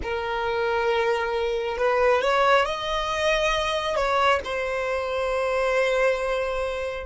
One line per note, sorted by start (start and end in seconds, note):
0.02 1.77 A#4
1.77 2.21 B4
2.21 2.65 C#5
2.65 3.95 D#5
3.95 4.40 C#5
4.44 7.06 C5